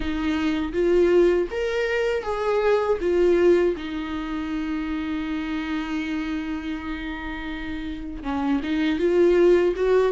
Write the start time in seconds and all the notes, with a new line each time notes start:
0.00 D#4
0.73 F4
1.50 A#4
2.23 G#4
3.00 F4
3.76 D#4
8.23 C#4
8.63 D#4
8.99 F4
9.75 F#4